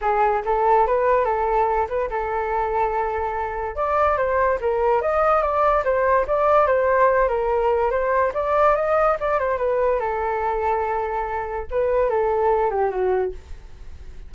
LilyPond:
\new Staff \with { instrumentName = "flute" } { \time 4/4 \tempo 4 = 144 gis'4 a'4 b'4 a'4~ | a'8 b'8 a'2.~ | a'4 d''4 c''4 ais'4 | dis''4 d''4 c''4 d''4 |
c''4. ais'4. c''4 | d''4 dis''4 d''8 c''8 b'4 | a'1 | b'4 a'4. g'8 fis'4 | }